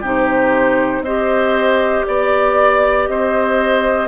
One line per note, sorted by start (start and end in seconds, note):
0.00 1.00 C3
0.00 1.04 D#4
0.00 1.02 G4
0.07 1.03 C5
1.00 2.02 C4
1.00 4.07 G4
1.00 2.06 C5
1.00 2.05 D#5
2.05 3.08 B3
2.05 3.06 D5
2.05 3.09 D5
3.06 4.07 C4
3.06 4.07 C5
3.06 4.07 D#5